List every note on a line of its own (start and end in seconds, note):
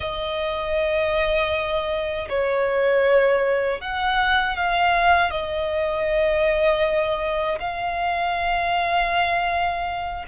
0.00 2.28 D#5
2.29 3.80 C#5
3.80 4.56 F#5
4.56 5.30 F5
5.30 7.58 D#5
7.59 10.25 F5